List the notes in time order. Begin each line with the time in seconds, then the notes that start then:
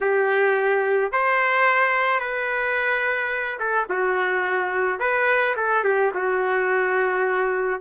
0.00 G4
1.12 C5
2.19 B4
3.59 A4
3.89 F#4
4.99 B4
5.56 A4
5.84 G4
6.14 F#4